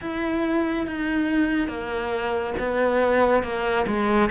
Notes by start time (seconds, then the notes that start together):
0.01 E4
0.86 D#4
1.68 A#3
2.59 B3
3.43 A#3
3.86 G#3